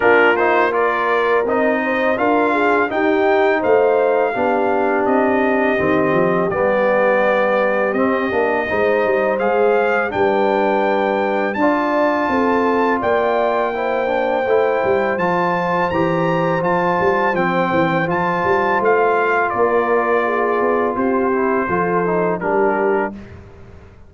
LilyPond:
<<
  \new Staff \with { instrumentName = "trumpet" } { \time 4/4 \tempo 4 = 83 ais'8 c''8 d''4 dis''4 f''4 | g''4 f''2 dis''4~ | dis''4 d''2 dis''4~ | dis''4 f''4 g''2 |
a''2 g''2~ | g''4 a''4 ais''4 a''4 | g''4 a''4 f''4 d''4~ | d''4 c''2 ais'4 | }
  \new Staff \with { instrumentName = "horn" } { \time 4/4 f'4 ais'4. c''8 ais'8 gis'8 | g'4 c''4 g'2~ | g'1 | c''2 b'2 |
d''4 a'4 d''4 c''4~ | c''1~ | c''2. ais'4 | gis'4 g'4 a'4 g'4 | }
  \new Staff \with { instrumentName = "trombone" } { \time 4/4 d'8 dis'8 f'4 dis'4 f'4 | dis'2 d'2 | c'4 b2 c'8 d'8 | dis'4 gis'4 d'2 |
f'2. e'8 d'8 | e'4 f'4 g'4 f'4 | c'4 f'2.~ | f'4. e'8 f'8 dis'8 d'4 | }
  \new Staff \with { instrumentName = "tuba" } { \time 4/4 ais2 c'4 d'4 | dis'4 a4 b4 c'4 | dis8 f8 g2 c'8 ais8 | gis8 g8 gis4 g2 |
d'4 c'4 ais2 | a8 g8 f4 e4 f8 g8 | f8 e8 f8 g8 a4 ais4~ | ais8 b8 c'4 f4 g4 | }
>>